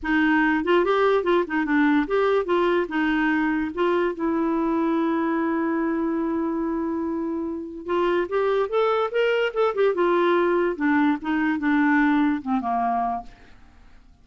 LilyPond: \new Staff \with { instrumentName = "clarinet" } { \time 4/4 \tempo 4 = 145 dis'4. f'8 g'4 f'8 dis'8 | d'4 g'4 f'4 dis'4~ | dis'4 f'4 e'2~ | e'1~ |
e'2. f'4 | g'4 a'4 ais'4 a'8 g'8 | f'2 d'4 dis'4 | d'2 c'8 ais4. | }